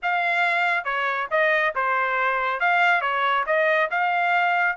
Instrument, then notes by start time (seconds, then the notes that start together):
trumpet
0.02 F5
0.84 C#5
1.30 D#5
1.75 C5
2.60 F5
3.01 C#5
3.46 D#5
3.90 F5